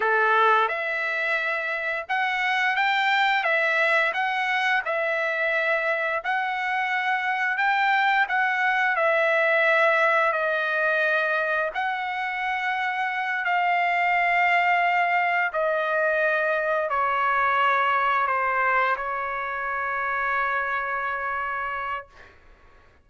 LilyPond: \new Staff \with { instrumentName = "trumpet" } { \time 4/4 \tempo 4 = 87 a'4 e''2 fis''4 | g''4 e''4 fis''4 e''4~ | e''4 fis''2 g''4 | fis''4 e''2 dis''4~ |
dis''4 fis''2~ fis''8 f''8~ | f''2~ f''8 dis''4.~ | dis''8 cis''2 c''4 cis''8~ | cis''1 | }